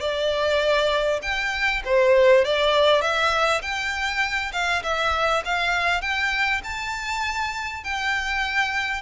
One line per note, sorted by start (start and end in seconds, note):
0.00 1.20 D5
1.22 1.82 G5
1.85 2.45 C5
2.45 3.01 D5
3.01 3.61 E5
3.62 4.52 G5
4.52 4.82 F5
4.83 5.43 E5
5.45 6.01 F5
6.01 6.61 G5
6.64 7.84 A5
7.84 9.02 G5